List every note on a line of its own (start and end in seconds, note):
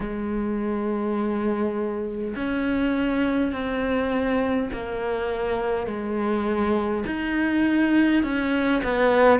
0.00 2.34 G#3
2.35 3.52 C#4
3.52 4.70 C4
4.73 5.86 A#3
5.86 7.04 G#3
7.06 8.23 D#4
8.23 8.82 C#4
8.83 9.39 B3